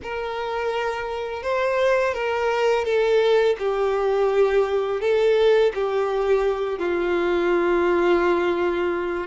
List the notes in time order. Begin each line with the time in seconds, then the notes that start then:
0.02 A#4
1.43 C5
2.14 A#4
2.84 A4
3.58 G4
5.00 A4
5.74 G4
6.78 F4